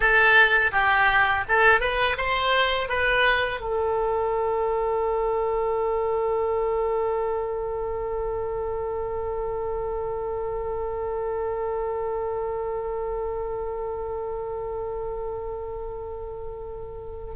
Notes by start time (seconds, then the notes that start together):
0.00 A4
0.72 G4
1.48 A4
1.80 B4
2.17 C5
2.88 B4
3.60 A4